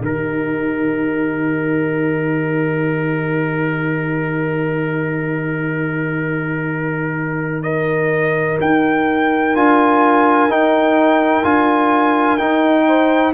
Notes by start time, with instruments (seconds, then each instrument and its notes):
0.00 tuba D#3, trombone D#4, horn G4, trumpet A#4
7.63 horn A#4, trumpet D#5
8.60 tuba D#4, trumpet G5
9.55 tuba D4, trombone F4, trumpet G#5
10.49 tuba D#4, trombone D#4, trumpet G5
11.43 tuba D4, trombone F4, trumpet G#5
12.37 trombone D#4, tuba D#4, trumpet G5
12.87 horn C5